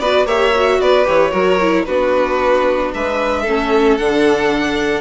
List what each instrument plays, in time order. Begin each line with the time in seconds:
0.00 bassoon B3, viola F#4, violin B4 D5
0.26 bassoon A#3, viola G4, violin C#5 E5
0.56 viola F#4
0.81 bassoon B3, violin B4 D5
1.06 bassoon E3, viola G4, violin C#5
1.31 bassoon F#3, viola F#4, violin A#4
1.62 viola E4
1.86 bassoon B3, viola D4, violin F#4 B4
2.94 bassoon G#3, violin B4 E5
3.43 bassoon A3, viola C#4, violin A4
3.98 bassoon D3, viola D4, violin F#5